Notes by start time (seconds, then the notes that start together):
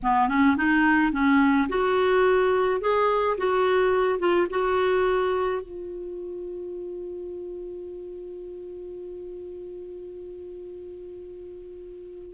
0.02 B3
0.28 C#4
0.57 D#4
1.12 C#4
1.68 F#4
2.80 G#4
3.37 F#4
4.19 F4
4.49 F#4
5.62 F4